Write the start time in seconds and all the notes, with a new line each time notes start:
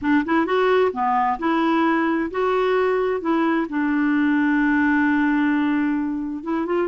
0.01 D4
0.25 E4
0.45 F#4
0.92 B3
1.38 E4
2.30 F#4
3.20 E4
3.69 D4
6.43 E4
6.65 F4